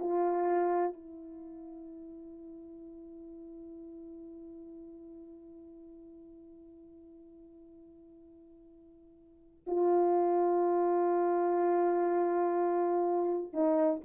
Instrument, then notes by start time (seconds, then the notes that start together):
horn
0.00 F4
0.93 E4
9.66 F4
13.53 D#4